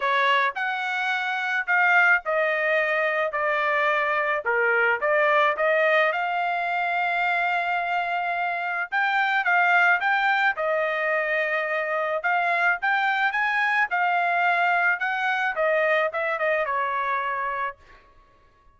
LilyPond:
\new Staff \with { instrumentName = "trumpet" } { \time 4/4 \tempo 4 = 108 cis''4 fis''2 f''4 | dis''2 d''2 | ais'4 d''4 dis''4 f''4~ | f''1 |
g''4 f''4 g''4 dis''4~ | dis''2 f''4 g''4 | gis''4 f''2 fis''4 | dis''4 e''8 dis''8 cis''2 | }